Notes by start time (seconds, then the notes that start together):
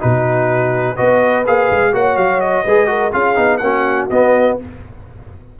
0.00 B2 D#4 F#4 B4
0.96 B3 F#4 B4 D#5
1.46 A#3 G#4 F5
1.71 G#3
1.93 A#3 F#4 C#5 F#5
2.17 F#3 F5
2.41 D#5
2.64 G#3 G#4 B4
2.87 F#4 A#4
3.12 C#4 F4 G#4 F5
3.35 B3 D#4
3.58 A#3 C#4 F#4 F#5
4.10 B3 D#5